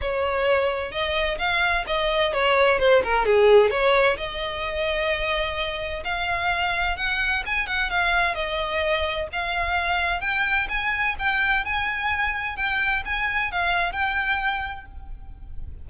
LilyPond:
\new Staff \with { instrumentName = "violin" } { \time 4/4 \tempo 4 = 129 cis''2 dis''4 f''4 | dis''4 cis''4 c''8 ais'8 gis'4 | cis''4 dis''2.~ | dis''4 f''2 fis''4 |
gis''8 fis''8 f''4 dis''2 | f''2 g''4 gis''4 | g''4 gis''2 g''4 | gis''4 f''4 g''2 | }